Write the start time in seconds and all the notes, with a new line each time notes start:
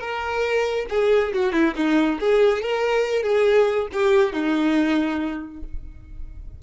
0.00 A#4
0.89 G#4
1.33 F#4
1.53 E4
1.76 D#4
2.20 G#4
2.62 A#4
3.23 G#4
3.92 G4
4.33 D#4